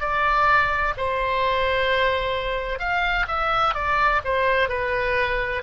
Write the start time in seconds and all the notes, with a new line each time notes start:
0.00 D5
0.97 C5
2.79 F5
3.28 E5
3.74 D5
4.24 C5
4.69 B4